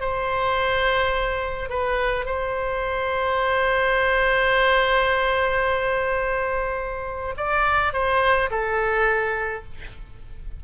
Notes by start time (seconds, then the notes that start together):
0.00 C5
1.69 B4
2.25 C5
7.37 D5
7.93 C5
8.50 A4